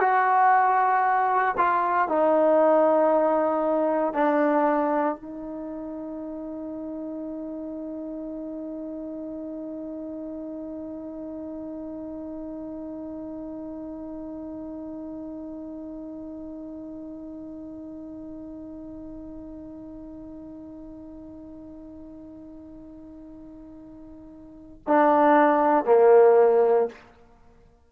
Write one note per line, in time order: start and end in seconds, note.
0.00 1.55 F#4
1.57 2.08 F4
2.08 4.14 D#4
4.14 5.16 D4
5.16 24.81 D#4
24.87 25.85 D4
25.85 26.88 A#3